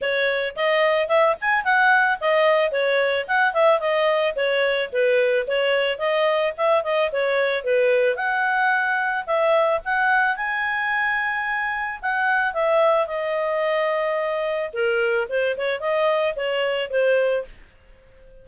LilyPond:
\new Staff \with { instrumentName = "clarinet" } { \time 4/4 \tempo 4 = 110 cis''4 dis''4 e''8 gis''8 fis''4 | dis''4 cis''4 fis''8 e''8 dis''4 | cis''4 b'4 cis''4 dis''4 | e''8 dis''8 cis''4 b'4 fis''4~ |
fis''4 e''4 fis''4 gis''4~ | gis''2 fis''4 e''4 | dis''2. ais'4 | c''8 cis''8 dis''4 cis''4 c''4 | }